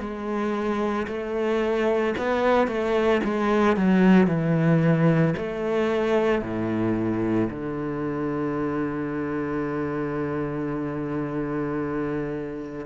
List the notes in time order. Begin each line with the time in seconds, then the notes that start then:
0.00 G#3
1.08 A3
2.18 B3
2.68 A3
3.24 G#3
3.77 F#3
4.27 E3
5.37 A3
6.42 A2
7.50 D3